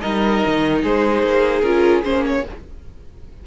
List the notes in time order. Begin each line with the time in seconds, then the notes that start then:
0.00 G3 D#4 A#4 D#5
0.46 D#3
0.82 G#3 G#4 C5
1.23 A#3
1.61 C#4 F4 A#4
2.03 A#3 C#4 C5
2.26 C#5